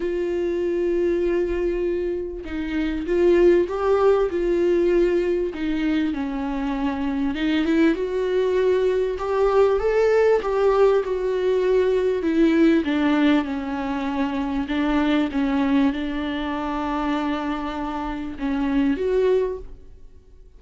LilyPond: \new Staff \with { instrumentName = "viola" } { \time 4/4 \tempo 4 = 98 f'1 | dis'4 f'4 g'4 f'4~ | f'4 dis'4 cis'2 | dis'8 e'8 fis'2 g'4 |
a'4 g'4 fis'2 | e'4 d'4 cis'2 | d'4 cis'4 d'2~ | d'2 cis'4 fis'4 | }